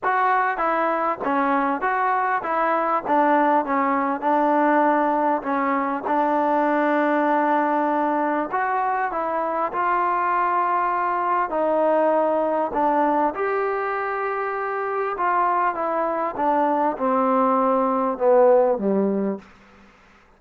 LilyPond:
\new Staff \with { instrumentName = "trombone" } { \time 4/4 \tempo 4 = 99 fis'4 e'4 cis'4 fis'4 | e'4 d'4 cis'4 d'4~ | d'4 cis'4 d'2~ | d'2 fis'4 e'4 |
f'2. dis'4~ | dis'4 d'4 g'2~ | g'4 f'4 e'4 d'4 | c'2 b4 g4 | }